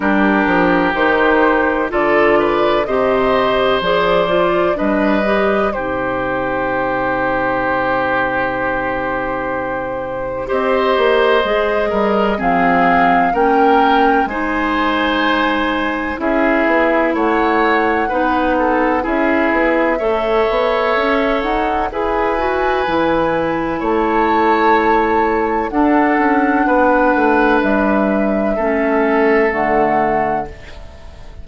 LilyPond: <<
  \new Staff \with { instrumentName = "flute" } { \time 4/4 \tempo 4 = 63 ais'4 c''4 d''4 dis''4 | d''4 dis''4 c''2~ | c''2. dis''4~ | dis''4 f''4 g''4 gis''4~ |
gis''4 e''4 fis''2 | e''2~ e''8 fis''8 gis''4~ | gis''4 a''2 fis''4~ | fis''4 e''2 fis''4 | }
  \new Staff \with { instrumentName = "oboe" } { \time 4/4 g'2 a'8 b'8 c''4~ | c''4 b'4 g'2~ | g'2. c''4~ | c''8 ais'8 gis'4 ais'4 c''4~ |
c''4 gis'4 cis''4 b'8 a'8 | gis'4 cis''2 b'4~ | b'4 cis''2 a'4 | b'2 a'2 | }
  \new Staff \with { instrumentName = "clarinet" } { \time 4/4 d'4 dis'4 f'4 g'4 | gis'8 f'8 d'8 g'8 dis'2~ | dis'2. g'4 | gis'4 c'4 cis'4 dis'4~ |
dis'4 e'2 dis'4 | e'4 a'2 gis'8 fis'8 | e'2. d'4~ | d'2 cis'4 a4 | }
  \new Staff \with { instrumentName = "bassoon" } { \time 4/4 g8 f8 dis4 d4 c4 | f4 g4 c2~ | c2. c'8 ais8 | gis8 g8 f4 ais4 gis4~ |
gis4 cis'8 b8 a4 b4 | cis'8 b8 a8 b8 cis'8 dis'8 e'4 | e4 a2 d'8 cis'8 | b8 a8 g4 a4 d4 | }
>>